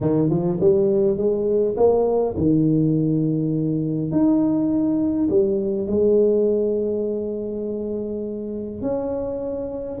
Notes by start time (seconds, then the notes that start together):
0.00 D#3
0.29 F3
0.60 G3
1.17 G#3
1.76 A#3
2.37 D#3
4.11 D#4
5.29 G3
5.87 G#3
8.81 C#4